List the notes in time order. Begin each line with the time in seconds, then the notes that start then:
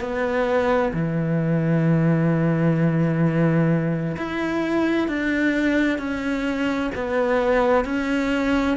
0.00 B3
0.93 E3
4.17 E4
5.08 D4
5.98 C#4
6.95 B3
7.85 C#4